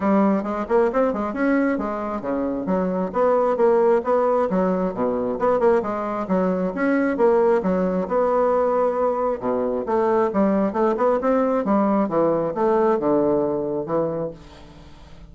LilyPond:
\new Staff \with { instrumentName = "bassoon" } { \time 4/4 \tempo 4 = 134 g4 gis8 ais8 c'8 gis8 cis'4 | gis4 cis4 fis4 b4 | ais4 b4 fis4 b,4 | b8 ais8 gis4 fis4 cis'4 |
ais4 fis4 b2~ | b4 b,4 a4 g4 | a8 b8 c'4 g4 e4 | a4 d2 e4 | }